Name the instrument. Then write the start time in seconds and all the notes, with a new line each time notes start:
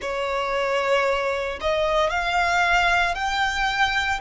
violin
0.01 C#5
1.60 D#5
2.10 F5
3.14 G5